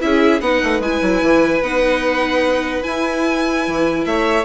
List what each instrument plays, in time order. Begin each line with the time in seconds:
0.00 bassoon C#4, viola E4, violin G#4 E5
0.41 bassoon B3, viola D#4, violin B4 F#5
0.63 bassoon A3
0.80 bassoon G#3, viola E4, violin G#5
1.02 bassoon F#3
1.22 bassoon E3
1.62 bassoon B3, viola D#4, violin F#5
2.82 viola E4, bassoon E4, violin G#5
3.67 bassoon E3
4.06 bassoon A3, violin C#5 E5